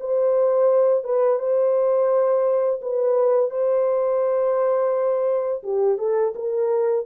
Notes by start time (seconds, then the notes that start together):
0.00 C5
1.04 B4
1.39 C5
2.81 B4
3.51 C5
5.63 G4
5.98 A4
6.35 A#4